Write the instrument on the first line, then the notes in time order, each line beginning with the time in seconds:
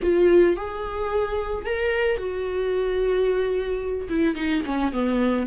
viola
0.02 F4
0.56 G#4
1.65 A#4
2.17 F#4
4.09 E4
4.35 D#4
4.65 C#4
4.92 B3